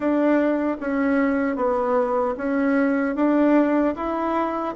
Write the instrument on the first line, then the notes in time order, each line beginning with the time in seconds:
bassoon
0.00 D4
0.80 C#4
1.56 B3
2.37 C#4
3.15 D4
3.95 E4